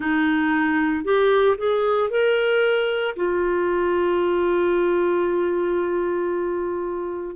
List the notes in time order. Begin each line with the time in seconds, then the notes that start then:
0.00 D#4
1.04 G4
1.57 G#4
2.10 A#4
3.16 F4